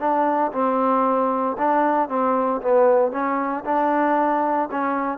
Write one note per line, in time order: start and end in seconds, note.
0.00 0.52 D4
0.53 1.57 C4
1.58 2.09 D4
2.09 2.62 C4
2.62 3.12 B3
3.12 3.65 C#4
3.65 4.70 D4
4.72 5.18 C#4